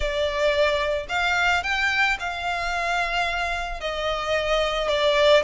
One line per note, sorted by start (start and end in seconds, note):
0.00 1.07 D5
1.08 1.63 F5
1.63 2.17 G5
2.19 3.80 F5
3.80 4.88 D#5
4.88 5.43 D5